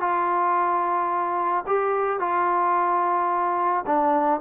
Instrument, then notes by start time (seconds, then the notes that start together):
trombone
0.00 F4
1.67 G4
2.20 F4
3.87 D4